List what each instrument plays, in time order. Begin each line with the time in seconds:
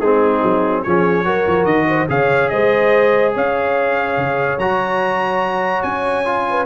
0.00 tuba G#3, trombone C4, horn D#4, trumpet G#4
0.43 tuba F#3
0.83 tuba F3, trombone C#4, horn G#4, trumpet C#5
1.25 tuba F#3, trombone F#4, horn A#4
1.48 tuba F3
1.65 tuba D#3, trumpet D#5
1.89 horn C5
2.09 tuba C#3, trombone G#4, horn C#5, trumpet F5
2.49 tuba G#3, horn C5, trumpet D#5
3.35 tuba C#4, horn C#5, trumpet F5
4.17 tuba C#3
4.58 tuba F#3, trombone F#4, trumpet A#5
5.83 tuba C#4, trumpet G#5
6.25 trombone F4
6.50 horn B4